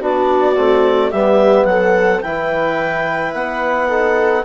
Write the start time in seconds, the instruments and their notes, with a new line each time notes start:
0.00 bassoon B3, trombone D4, viola F#4, clarinet D5
0.56 bassoon A3, trombone C4
1.12 bassoon G3, trombone B3, viola G4, clarinet E5
1.65 bassoon F#3, viola A4, clarinet F#5
2.22 bassoon E3, trombone E4, viola B4, clarinet G5
3.34 bassoon B3, clarinet F#5
3.88 trombone D#4, viola A4